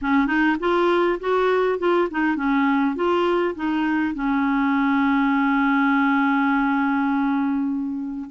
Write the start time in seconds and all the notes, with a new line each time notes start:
0.01 C#4
0.26 D#4
0.59 F4
1.20 F#4
1.78 F4
2.10 D#4
2.36 C#4
2.95 F4
3.55 D#4
4.14 C#4